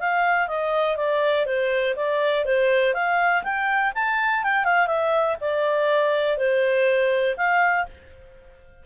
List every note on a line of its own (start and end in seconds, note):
0.00 0.48 F5
0.48 0.97 D#5
0.97 1.46 D5
1.46 1.95 C5
1.96 2.45 D5
2.45 2.94 C5
2.94 3.43 F5
3.44 3.93 G5
3.95 4.44 A5
4.44 4.65 G5
4.65 4.88 F5
4.88 5.37 E5
5.41 6.38 D5
6.38 7.36 C5
7.37 7.86 F5